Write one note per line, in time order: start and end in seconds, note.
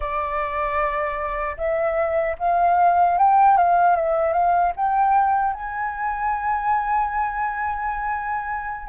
0.00 1.56 D5
1.57 2.36 E5
2.39 3.18 F5
3.18 3.57 G5
3.57 3.96 F5
3.96 4.32 E5
4.32 4.72 F5
4.76 5.53 G5
5.53 8.89 G#5